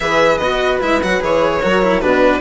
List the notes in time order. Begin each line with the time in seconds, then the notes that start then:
0.00 E3 G#4 B4 E5
0.37 B3 F#4 D#5
0.80 G#3 E4 E5
1.02 F#3 F#4 F#5
1.20 E3 G#4 C#5
1.62 F#3 F#4 A#4
1.82 E4
2.00 B2 D4 F#4 B4